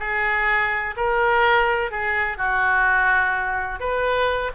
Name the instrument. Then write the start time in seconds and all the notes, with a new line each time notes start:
oboe
0.00 G#4
0.97 A#4
1.91 G#4
2.38 F#4
3.80 B4